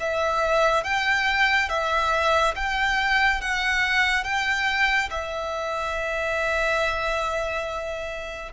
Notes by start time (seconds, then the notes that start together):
0.00 E5
0.84 G5
1.69 E5
2.56 G5
3.42 F#5
4.24 G5
5.11 E5